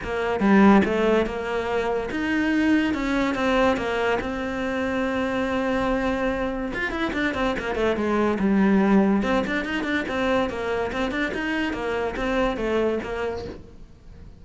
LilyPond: \new Staff \with { instrumentName = "cello" } { \time 4/4 \tempo 4 = 143 ais4 g4 a4 ais4~ | ais4 dis'2 cis'4 | c'4 ais4 c'2~ | c'1 |
f'8 e'8 d'8 c'8 ais8 a8 gis4 | g2 c'8 d'8 dis'8 d'8 | c'4 ais4 c'8 d'8 dis'4 | ais4 c'4 a4 ais4 | }